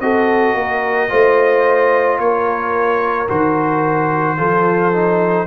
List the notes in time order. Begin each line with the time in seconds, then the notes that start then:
0.00 C4 F#4 A4 D#5
0.55 A#3 A#4
1.09 A3 F4 C5
2.18 A#3 A#4 C#5
3.28 D#3 F#4 C5
4.37 F3 F4 A4
4.92 D#4